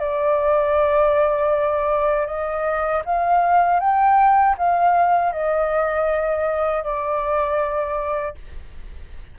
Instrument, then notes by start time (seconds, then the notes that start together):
flute
0.00 D5
2.27 D#5
3.05 F5
3.80 G5
4.58 F5
5.33 D#5
6.84 D5